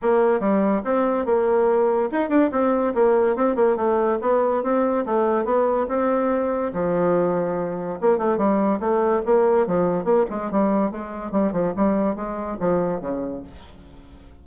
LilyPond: \new Staff \with { instrumentName = "bassoon" } { \time 4/4 \tempo 4 = 143 ais4 g4 c'4 ais4~ | ais4 dis'8 d'8 c'4 ais4 | c'8 ais8 a4 b4 c'4 | a4 b4 c'2 |
f2. ais8 a8 | g4 a4 ais4 f4 | ais8 gis8 g4 gis4 g8 f8 | g4 gis4 f4 cis4 | }